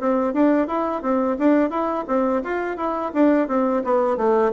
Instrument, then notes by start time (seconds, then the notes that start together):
bassoon
0.00 C4
0.33 D4
0.67 E4
1.02 C4
1.39 D4
1.70 E4
2.07 C4
2.44 F4
2.77 E4
3.14 D4
3.48 C4
3.84 B3
4.17 A3